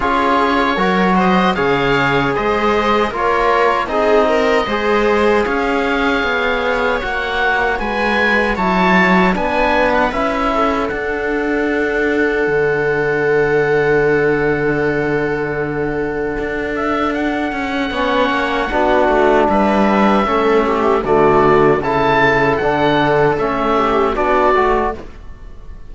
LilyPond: <<
  \new Staff \with { instrumentName = "oboe" } { \time 4/4 \tempo 4 = 77 cis''4. dis''8 f''4 dis''4 | cis''4 dis''2 f''4~ | f''4 fis''4 gis''4 a''4 | gis''8. fis''16 e''4 fis''2~ |
fis''1~ | fis''4. e''8 fis''2~ | fis''4 e''2 d''4 | a''4 fis''4 e''4 d''4 | }
  \new Staff \with { instrumentName = "viola" } { \time 4/4 gis'4 ais'8 c''8 cis''4 c''4 | ais'4 gis'8 ais'8 c''4 cis''4~ | cis''2 b'4 cis''4 | b'4. a'2~ a'8~ |
a'1~ | a'2. cis''4 | fis'4 b'4 a'8 g'8 fis'4 | a'2~ a'8 g'8 fis'4 | }
  \new Staff \with { instrumentName = "trombone" } { \time 4/4 f'4 fis'4 gis'2 | f'4 dis'4 gis'2~ | gis'4 fis'2 e'4 | d'4 e'4 d'2~ |
d'1~ | d'2. cis'4 | d'2 cis'4 a4 | e'4 d'4 cis'4 d'8 fis'8 | }
  \new Staff \with { instrumentName = "cello" } { \time 4/4 cis'4 fis4 cis4 gis4 | ais4 c'4 gis4 cis'4 | b4 ais4 gis4 fis4 | b4 cis'4 d'2 |
d1~ | d4 d'4. cis'8 b8 ais8 | b8 a8 g4 a4 d4 | cis4 d4 a4 b8 a8 | }
>>